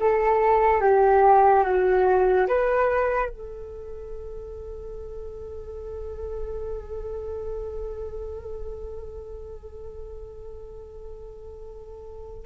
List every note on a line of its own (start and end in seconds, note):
0.00 0.81 A4
0.81 1.64 G4
1.64 2.47 F#4
2.48 3.30 B4
3.30 12.46 A4